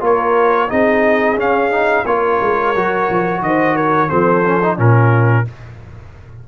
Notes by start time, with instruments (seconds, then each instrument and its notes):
0.00 tuba A#3, trombone F4, horn A#4, trumpet C#5
0.68 tuba C4, trombone D#4, horn G#4, trumpet D#5
1.35 tuba C#4, trombone C#4, trumpet F5
1.71 trombone D#4
2.05 tuba A#3, trombone F4, horn A#4, trumpet C#5
2.41 tuba G#3
2.75 tuba F#3, trombone F#4
3.10 tuba F3
3.41 tuba D#3, horn C5, trumpet D#5
3.76 horn A#4, trumpet C#5
4.08 tuba F3, trombone C4, horn A4, trumpet C5
4.44 trombone C#4
4.62 trombone D#4
4.77 tuba A#2, trombone C#4, horn F4, trumpet A#4